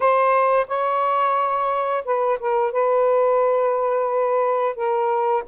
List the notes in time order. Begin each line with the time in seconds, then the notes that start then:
0.00 C5
0.67 C#5
2.04 B4
2.39 A#4
2.71 B4
4.75 A#4